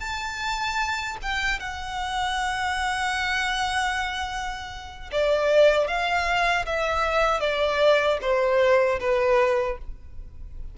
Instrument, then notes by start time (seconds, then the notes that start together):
violin
0.00 A5
1.22 G5
1.59 F#5
5.12 D5
5.87 F5
6.66 E5
7.40 D5
8.21 C5
9.00 B4